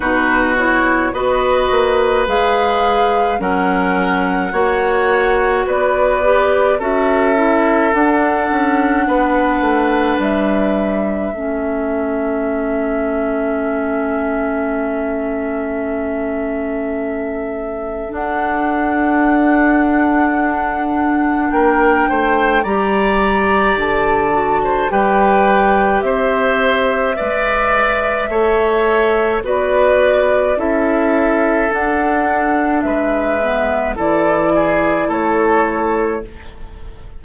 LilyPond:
<<
  \new Staff \with { instrumentName = "flute" } { \time 4/4 \tempo 4 = 53 b'8 cis''8 dis''4 f''4 fis''4~ | fis''4 d''4 e''4 fis''4~ | fis''4 e''2.~ | e''1 |
fis''2. g''4 | ais''4 a''4 g''4 e''4~ | e''2 d''4 e''4 | fis''4 e''4 d''4 cis''4 | }
  \new Staff \with { instrumentName = "oboe" } { \time 4/4 fis'4 b'2 ais'4 | cis''4 b'4 a'2 | b'2 a'2~ | a'1~ |
a'2. ais'8 c''8 | d''4.~ d''16 c''16 b'4 c''4 | d''4 cis''4 b'4 a'4~ | a'4 b'4 a'8 gis'8 a'4 | }
  \new Staff \with { instrumentName = "clarinet" } { \time 4/4 dis'8 e'8 fis'4 gis'4 cis'4 | fis'4. g'8 fis'8 e'8 d'4~ | d'2 cis'2~ | cis'1 |
d'1 | g'4. fis'8 g'2 | b'4 a'4 fis'4 e'4 | d'4. b8 e'2 | }
  \new Staff \with { instrumentName = "bassoon" } { \time 4/4 b,4 b8 ais8 gis4 fis4 | ais4 b4 cis'4 d'8 cis'8 | b8 a8 g4 a2~ | a1 |
d'2. ais8 a8 | g4 d4 g4 c'4 | gis4 a4 b4 cis'4 | d'4 gis4 e4 a4 | }
>>